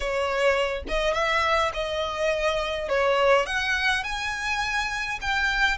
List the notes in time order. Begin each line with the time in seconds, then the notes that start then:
0.00 C#5
0.88 D#5
1.13 E5
1.73 D#5
2.88 C#5
3.46 F#5
4.03 G#5
5.21 G5